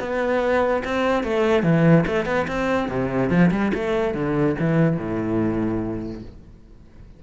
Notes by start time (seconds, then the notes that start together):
0.00 B3
0.85 C4
1.24 A3
1.63 E3
2.07 A3
2.26 B3
2.48 C4
2.89 C3
3.30 F3
3.52 G3
3.74 A3
4.14 D3
4.60 E3
4.97 A2